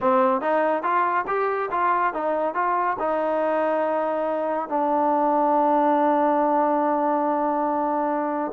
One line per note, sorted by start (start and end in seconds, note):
0.00 0.41 C4
0.41 0.82 D#4
0.82 1.25 F4
1.27 1.69 G4
1.71 2.13 F4
2.13 2.54 D#4
2.54 2.96 F4
2.99 4.68 D#4
4.68 8.51 D4